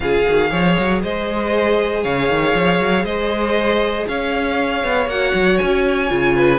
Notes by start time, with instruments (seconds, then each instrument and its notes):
0.00 cello C#3, viola F4, violin G#4 F5
0.26 cello D#3, viola F#4
0.49 cello F3, viola G#4, violin C#5
0.78 cello F#3
1.02 cello G#3, violin C5 D#5
2.03 cello C#3, violin C#5 F5
2.28 cello D#3
2.54 cello F3
2.79 cello F#3
3.03 cello G#3, violin C5 D#5
4.07 cello C#4, violin C#5 F5
4.83 cello B3
5.06 cello A#3, viola F#4, violin F#5
5.33 cello F#3
5.58 cello C#4, violin G#5
6.08 cello C#3, viola F4
6.35 violin B4